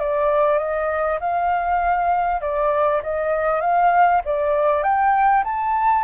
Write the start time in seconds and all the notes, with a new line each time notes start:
0.00 D5
0.59 D#5
1.20 F5
2.42 D5
3.03 D#5
3.61 F5
4.25 D5
4.83 G5
5.44 A5